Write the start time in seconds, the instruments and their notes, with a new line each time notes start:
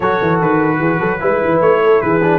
0.00 tuba F#3, trombone F#4, horn A4, trumpet C#5
0.21 tuba E3
0.41 tuba D#3, trumpet B4
0.79 tuba E3, horn G#4
0.99 tuba F#3, horn A4
1.20 tuba G#3, trombone E4, horn B4
1.44 tuba E3
1.60 tuba A3, trumpet C#5
1.83 horn A4
2.01 tuba E3, horn G#4, trumpet B4
2.23 trombone D4